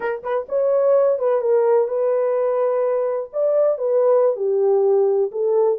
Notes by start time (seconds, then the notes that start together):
0.00 A#4
0.23 B4
0.48 C#5
1.18 B4
1.41 A#4
1.87 B4
3.32 D5
3.78 B4
4.36 G4
5.31 A4